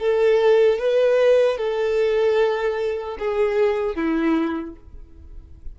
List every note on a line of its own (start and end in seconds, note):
0.00 0.79 A4
0.79 1.58 B4
1.58 3.18 A4
3.19 3.96 G#4
3.96 4.76 E4